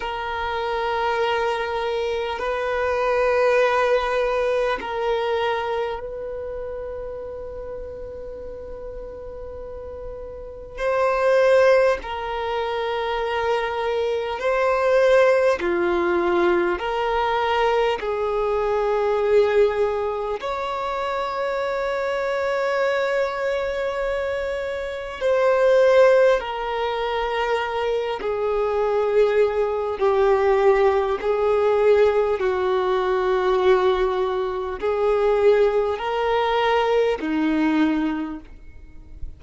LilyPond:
\new Staff \with { instrumentName = "violin" } { \time 4/4 \tempo 4 = 50 ais'2 b'2 | ais'4 b'2.~ | b'4 c''4 ais'2 | c''4 f'4 ais'4 gis'4~ |
gis'4 cis''2.~ | cis''4 c''4 ais'4. gis'8~ | gis'4 g'4 gis'4 fis'4~ | fis'4 gis'4 ais'4 dis'4 | }